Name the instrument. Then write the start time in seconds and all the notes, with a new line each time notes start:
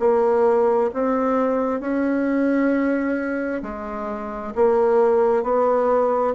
bassoon
0.00 A#3
0.94 C4
1.81 C#4
3.63 G#3
4.55 A#3
5.43 B3